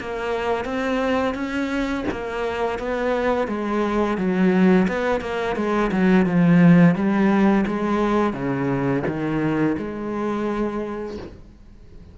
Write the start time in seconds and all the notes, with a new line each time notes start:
0.00 A#3
0.65 C4
1.34 C#4
2.11 A#3
2.78 B3
3.47 G#3
4.17 F#3
4.88 B3
5.21 A#3
5.56 G#3
5.91 F#3
6.26 F3
6.95 G3
7.66 G#3
8.33 C#3
9.06 D#3
9.78 G#3